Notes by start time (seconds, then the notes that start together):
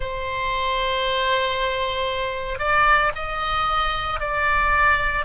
0.00 C5
2.58 D5
3.15 D#5
4.20 D5